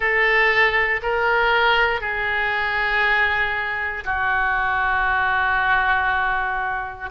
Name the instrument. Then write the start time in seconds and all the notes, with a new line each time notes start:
oboe
0.00 A4
1.02 A#4
2.00 G#4
4.04 F#4